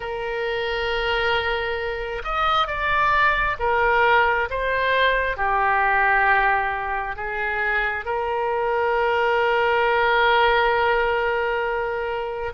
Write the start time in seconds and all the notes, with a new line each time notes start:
0.00 A#4
2.23 D#5
2.67 D5
3.59 A#4
4.49 C5
5.36 G4
7.16 G#4
8.05 A#4